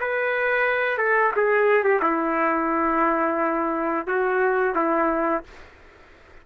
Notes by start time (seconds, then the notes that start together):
0.00 B4
0.98 A4
1.36 G#4
1.83 G4
2.02 E4
4.07 F#4
4.75 E4